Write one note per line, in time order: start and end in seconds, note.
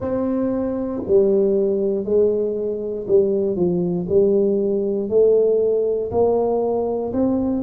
0.00 1.02 C4
1.07 2.04 G3
2.04 3.06 G#3
3.07 3.56 G3
3.56 4.07 F3
4.09 5.08 G3
5.08 6.10 A3
6.11 7.12 A#3
7.13 7.63 C4